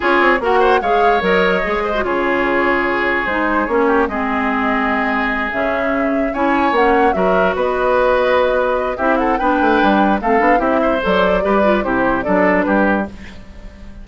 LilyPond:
<<
  \new Staff \with { instrumentName = "flute" } { \time 4/4 \tempo 4 = 147 cis''4 fis''4 f''4 dis''4~ | dis''4 cis''2. | c''4 cis''4 dis''2~ | dis''4. e''2 gis''8~ |
gis''8 fis''4 e''4 dis''4.~ | dis''2 e''8 fis''8 g''4~ | g''4 f''4 e''4 d''4~ | d''4 c''4 d''4 b'4 | }
  \new Staff \with { instrumentName = "oboe" } { \time 4/4 gis'4 ais'8 c''8 cis''2~ | cis''8 c''8 gis'2.~ | gis'4. g'8 gis'2~ | gis'2.~ gis'8 cis''8~ |
cis''4. ais'4 b'4.~ | b'2 g'8 a'8 b'4~ | b'4 a'4 g'8 c''4. | b'4 g'4 a'4 g'4 | }
  \new Staff \with { instrumentName = "clarinet" } { \time 4/4 f'4 fis'4 gis'4 ais'4 | gis'8. fis'16 f'2. | dis'4 cis'4 c'2~ | c'4. cis'2 e'8~ |
e'8 cis'4 fis'2~ fis'8~ | fis'2 e'4 d'4~ | d'4 c'8 d'8 e'4 a'4 | g'8 f'8 e'4 d'2 | }
  \new Staff \with { instrumentName = "bassoon" } { \time 4/4 cis'8 c'8 ais4 gis4 fis4 | gis4 cis2. | gis4 ais4 gis2~ | gis4. cis2 cis'8~ |
cis'8 ais4 fis4 b4.~ | b2 c'4 b8 a8 | g4 a8 b8 c'4 fis4 | g4 c4 fis4 g4 | }
>>